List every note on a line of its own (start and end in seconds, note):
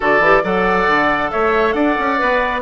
0.00 0.20 D3
0.00 0.21 F#4
0.00 0.42 A4
0.00 0.44 D5
0.20 0.42 E3
0.20 0.43 G4
0.43 0.87 F#3
0.43 2.18 A4
0.43 1.31 D5
0.43 1.31 F#5
0.87 1.31 D3
1.31 1.74 A3
1.31 1.75 C#5
1.31 1.72 E5
1.72 1.96 D4
1.72 2.61 D5
1.72 2.60 F#5
1.98 2.20 C#4
2.18 2.61 B3
2.18 2.61 B4